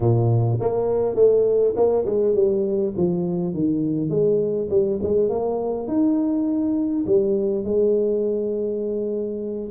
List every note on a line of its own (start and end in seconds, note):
0.00 0.59 A#2
0.60 1.15 A#3
1.15 1.74 A3
1.75 2.05 A#3
2.05 2.34 G#3
2.34 2.93 G3
2.96 3.54 F3
3.54 4.09 D#3
4.09 4.68 G#3
4.70 4.99 G3
5.02 5.29 G#3
5.29 5.87 A#3
5.87 7.05 D#4
7.06 7.64 G3
7.64 9.70 G#3